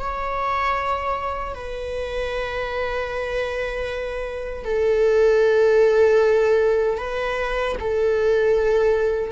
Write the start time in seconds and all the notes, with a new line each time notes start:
0.00 C#5
1.55 B4
4.65 A4
6.98 B4
7.80 A4